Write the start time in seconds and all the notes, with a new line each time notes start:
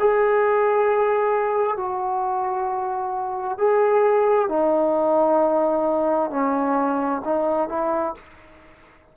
0.00 G#4
1.77 F#4
3.58 G#4
4.49 D#4
6.31 C#4
7.25 D#4
7.69 E4